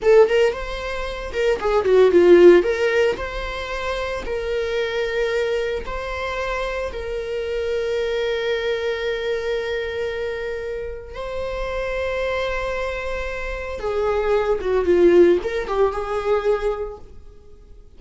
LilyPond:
\new Staff \with { instrumentName = "viola" } { \time 4/4 \tempo 4 = 113 a'8 ais'8 c''4. ais'8 gis'8 fis'8 | f'4 ais'4 c''2 | ais'2. c''4~ | c''4 ais'2.~ |
ais'1~ | ais'4 c''2.~ | c''2 gis'4. fis'8 | f'4 ais'8 g'8 gis'2 | }